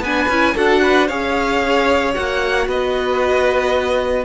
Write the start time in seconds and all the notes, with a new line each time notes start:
0.00 B3 D4 B4 G#5
0.28 C#4 E4
0.55 D4 F#4 A4 F#5
0.83 B4
1.08 C#4 G#4 C#5 F5
2.14 A#3 F#4 F#5
2.67 B3 B4 D#5